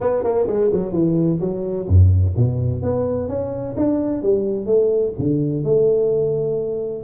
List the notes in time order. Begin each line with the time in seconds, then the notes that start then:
0.00 B3
0.23 A#3
0.47 G#3
0.72 F#3
0.92 E3
1.40 F#3
1.87 F#2
2.36 B2
2.82 B3
3.28 C#4
3.76 D4
4.22 G3
4.66 A3
5.18 D3
5.64 A3